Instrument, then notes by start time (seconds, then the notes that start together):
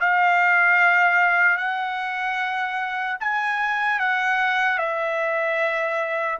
trumpet
0.00 F5
1.57 F#5
3.20 G#5
3.99 F#5
4.78 E5